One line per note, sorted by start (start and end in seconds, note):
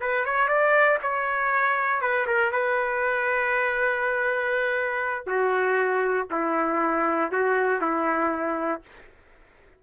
0.00 0.25 B4
0.25 0.48 C#5
0.48 0.98 D5
1.02 2.01 C#5
2.01 2.26 B4
2.26 2.51 A#4
2.51 5.26 B4
5.26 6.27 F#4
6.30 7.31 E4
7.31 7.81 F#4
7.81 8.81 E4